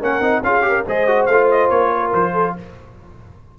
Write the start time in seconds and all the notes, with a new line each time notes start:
0.00 A#3 C#4 A#4 F#5
0.21 C4 D#4
0.43 C#4 F4 G#4 F5
0.62 G4
0.68 A#4
0.87 G#3 G#4 C5 D#5
1.08 F#4
1.26 A3 F4 F5
1.51 D#5
1.70 A#3 C#5
1.95 A#4
2.14 F3 C5
2.33 A4